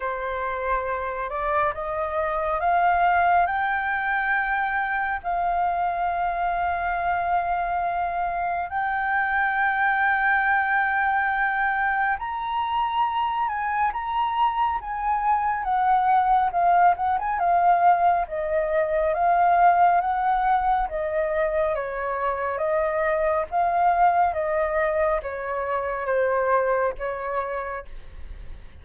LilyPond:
\new Staff \with { instrumentName = "flute" } { \time 4/4 \tempo 4 = 69 c''4. d''8 dis''4 f''4 | g''2 f''2~ | f''2 g''2~ | g''2 ais''4. gis''8 |
ais''4 gis''4 fis''4 f''8 fis''16 gis''16 | f''4 dis''4 f''4 fis''4 | dis''4 cis''4 dis''4 f''4 | dis''4 cis''4 c''4 cis''4 | }